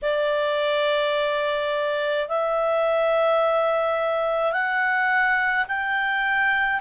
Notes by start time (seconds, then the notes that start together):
0.02 D5
2.28 E5
4.52 F#5
5.68 G5